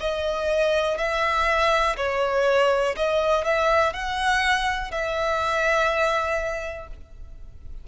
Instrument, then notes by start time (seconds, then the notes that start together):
violin
0.00 D#5
0.98 E5
1.97 C#5
2.96 D#5
3.44 E5
3.93 F#5
4.91 E5